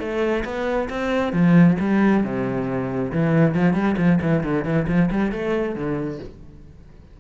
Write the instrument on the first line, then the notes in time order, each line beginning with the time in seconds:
cello
0.00 A3
0.45 B3
0.90 C4
1.33 F3
1.80 G3
2.24 C3
3.12 E3
3.55 F3
3.74 G3
3.98 F3
4.22 E3
4.44 D3
4.65 E3
4.88 F3
5.11 G3
5.32 A3
5.76 D3